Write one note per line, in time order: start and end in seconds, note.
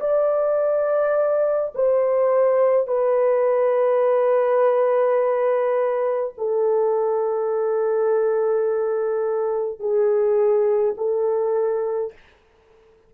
0.00 1.73 D5
1.75 2.87 C5
2.87 6.33 B4
6.37 9.79 A4
9.79 10.95 G#4
10.97 12.13 A4